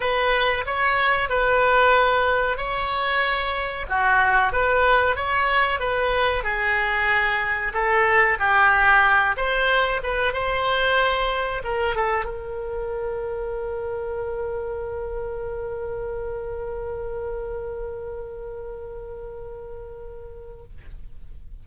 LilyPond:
\new Staff \with { instrumentName = "oboe" } { \time 4/4 \tempo 4 = 93 b'4 cis''4 b'2 | cis''2 fis'4 b'4 | cis''4 b'4 gis'2 | a'4 g'4. c''4 b'8 |
c''2 ais'8 a'8 ais'4~ | ais'1~ | ais'1~ | ais'1 | }